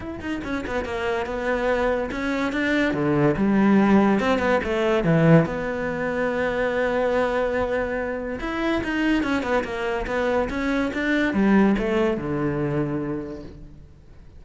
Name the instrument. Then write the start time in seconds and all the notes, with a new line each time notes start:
cello
0.00 E4
0.20 D#4
0.43 C#4
0.66 B3
0.84 A#3
1.25 B3
2.11 C#4
2.52 D4
2.93 D3
3.36 G3
4.20 C4
4.38 B3
4.63 A3
5.03 E3
5.45 B3
8.40 E4
8.83 D#4
9.23 C#4
9.42 B3
9.64 A#3
10.07 B3
10.49 C#4
10.93 D4
11.33 G3
11.78 A3
12.17 D3